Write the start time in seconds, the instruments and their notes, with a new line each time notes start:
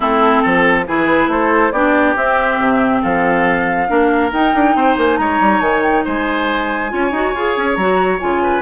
0.00 bassoon A3, clarinet C4, oboe E4, flute A4
0.42 bassoon F3, oboe A4
0.87 bassoon E3, clarinet E4, oboe G#4, flute B4
1.27 bassoon A3, oboe A4, flute C5
1.71 bassoon B3, clarinet D4, oboe G4, flute D5
2.15 clarinet C4, bassoon C4, flute E5
2.58 bassoon C3
3.01 bassoon F3, oboe A4, flute F5
3.87 bassoon A#3, clarinet D4, oboe A#4
4.32 bassoon D#4, clarinet D#4, flute G5
4.54 bassoon D4
4.75 bassoon C4, oboe C5
4.97 bassoon A#3, flute G#5
5.17 bassoon G#3, oboe C#5, flute A#5
5.40 bassoon G3
5.60 bassoon D#3, flute G#5
5.82 flute G5
6.04 bassoon G#3, oboe C5, flute G#5
6.89 bassoon C#4, clarinet F4, oboe C#5
7.11 bassoon D#4, clarinet F#4
7.34 bassoon F4, clarinet G#4
7.56 bassoon C#4
7.75 bassoon F#3, clarinet F#4, flute A#5
8.19 bassoon C#3, clarinet F4, flute G#5
8.42 oboe B4